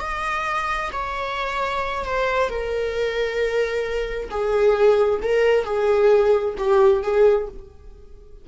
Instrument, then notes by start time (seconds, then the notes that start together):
viola
0.00 D#5
0.92 C#5
2.05 C5
2.49 A#4
4.30 G#4
5.22 A#4
5.64 G#4
6.58 G4
7.03 G#4